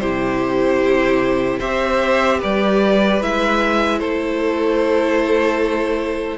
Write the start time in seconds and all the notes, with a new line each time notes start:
0.00 C3 E4 G4 C5
1.59 C4 G4 C5 E5
2.39 G3 B4 D5
3.21 G#3 E4 E5
3.99 A3 A4 C5